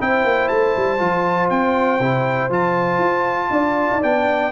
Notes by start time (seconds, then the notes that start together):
0.00 C4 E4 C5 G5
0.24 A#3
0.48 A3 A5
0.76 G3
0.99 F3 F4
1.50 C4 G5
1.99 C3 E4
2.50 F3 F4 A5
2.99 F4
3.50 D4 D5
3.92 D#4
4.02 B3 D4 G5